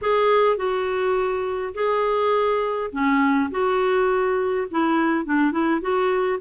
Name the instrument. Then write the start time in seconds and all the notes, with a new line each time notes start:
clarinet
0.01 G#4
0.57 F#4
1.74 G#4
2.92 C#4
3.50 F#4
4.71 E4
5.25 D4
5.51 E4
5.81 F#4